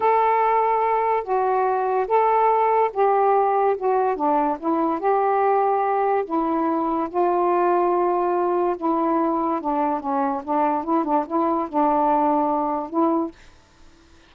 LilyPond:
\new Staff \with { instrumentName = "saxophone" } { \time 4/4 \tempo 4 = 144 a'2. fis'4~ | fis'4 a'2 g'4~ | g'4 fis'4 d'4 e'4 | g'2. e'4~ |
e'4 f'2.~ | f'4 e'2 d'4 | cis'4 d'4 e'8 d'8 e'4 | d'2. e'4 | }